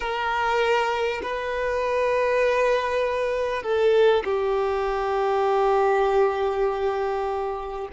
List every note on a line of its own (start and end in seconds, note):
0.00 1.21 A#4
1.22 3.63 B4
3.63 4.23 A4
4.24 7.88 G4